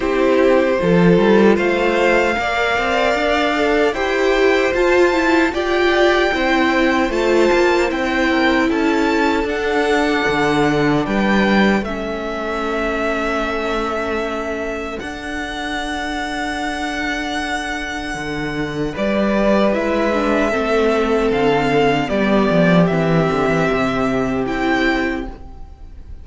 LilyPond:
<<
  \new Staff \with { instrumentName = "violin" } { \time 4/4 \tempo 4 = 76 c''2 f''2~ | f''4 g''4 a''4 g''4~ | g''4 a''4 g''4 a''4 | fis''2 g''4 e''4~ |
e''2. fis''4~ | fis''1 | d''4 e''2 f''4 | d''4 e''2 g''4 | }
  \new Staff \with { instrumentName = "violin" } { \time 4/4 g'4 a'4 c''4 d''4~ | d''4 c''2 d''4 | c''2~ c''8 ais'8 a'4~ | a'2 b'4 a'4~ |
a'1~ | a'1 | b'2 a'2 | g'1 | }
  \new Staff \with { instrumentName = "viola" } { \time 4/4 e'4 f'2 ais'4~ | ais'8 a'8 g'4 f'8 e'8 f'4 | e'4 f'4 e'2 | d'2. cis'4~ |
cis'2. d'4~ | d'1~ | d'4 e'8 d'8 c'2 | b4 c'2 e'4 | }
  \new Staff \with { instrumentName = "cello" } { \time 4/4 c'4 f8 g8 a4 ais8 c'8 | d'4 e'4 f'4 g'4 | c'4 a8 ais8 c'4 cis'4 | d'4 d4 g4 a4~ |
a2. d'4~ | d'2. d4 | g4 gis4 a4 d4 | g8 f8 e8 d16 e16 c4 c'4 | }
>>